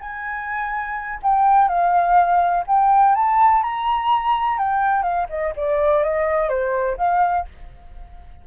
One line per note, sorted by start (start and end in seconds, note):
0.00 1.20 G#5
1.23 1.68 G5
1.68 2.64 F5
2.67 3.15 G5
3.15 3.63 A5
3.63 4.58 A#5
4.58 5.02 G5
5.02 5.26 F5
5.30 5.54 D#5
5.56 6.03 D5
6.03 6.49 D#5
6.49 6.97 C5
6.97 7.45 F5